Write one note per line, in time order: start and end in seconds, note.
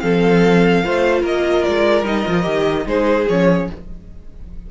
0.00 0.84 F3
0.00 0.83 C4
0.00 0.84 A4
0.00 1.22 F5
0.83 1.23 A3
0.83 2.04 F4
0.83 1.22 C5
1.22 1.64 A#3
1.22 2.85 A#4
1.22 1.64 D#5
1.64 2.04 G#3
1.64 2.05 D5
2.04 2.24 G3
2.04 2.25 D#4
2.04 2.87 D#5
2.25 2.46 F3
2.25 2.43 F4
2.43 2.86 D#3
2.43 2.83 G4
2.86 3.27 G#3
2.86 3.27 D#4
2.86 3.70 G#4
2.86 3.28 C5
3.28 3.70 F3
3.28 3.71 C#4
3.28 3.69 C#5